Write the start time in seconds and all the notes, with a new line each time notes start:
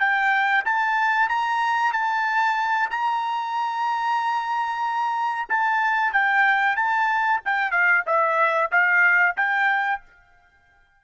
0.00 G5
0.65 A5
1.29 A#5
1.93 A5
2.90 A#5
5.49 A5
6.13 G5
6.76 A5
7.45 G5
7.72 F5
8.06 E5
8.72 F5
9.37 G5